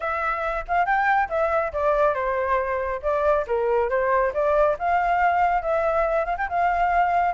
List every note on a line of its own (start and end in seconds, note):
0.00 0.65 E5
0.68 0.85 F5
0.85 1.28 G5
1.29 1.72 E5
1.72 2.14 D5
2.14 3.00 C5
3.02 3.45 D5
3.47 3.89 A#4
3.89 4.32 C5
4.33 4.76 D5
4.78 5.62 F5
5.62 6.25 E5
6.25 6.36 F5
6.37 6.48 G5
6.48 7.34 F5